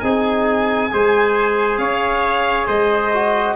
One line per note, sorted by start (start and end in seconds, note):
0.00 0.91 C4
0.00 0.90 D#4
0.00 0.92 G#4
0.00 1.76 G#5
0.91 1.78 G#3
0.91 3.11 G#4
0.91 1.80 C5
1.78 2.66 C#4
1.78 2.67 C#5
1.78 2.66 F5
2.67 3.56 G#3
2.67 3.55 C5
2.67 3.56 D#5
3.13 3.56 F#4